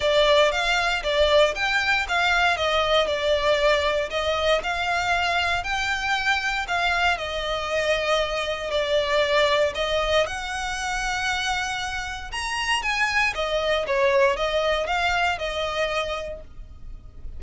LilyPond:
\new Staff \with { instrumentName = "violin" } { \time 4/4 \tempo 4 = 117 d''4 f''4 d''4 g''4 | f''4 dis''4 d''2 | dis''4 f''2 g''4~ | g''4 f''4 dis''2~ |
dis''4 d''2 dis''4 | fis''1 | ais''4 gis''4 dis''4 cis''4 | dis''4 f''4 dis''2 | }